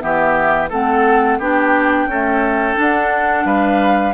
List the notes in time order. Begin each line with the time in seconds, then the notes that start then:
0.00 E3 B3 G4 E5
0.70 A3 C4 A4 F#5
1.39 B3 D4 G4 G5
2.06 A3 C#4 A4
2.75 D4 F#5
3.46 G3 B4 F5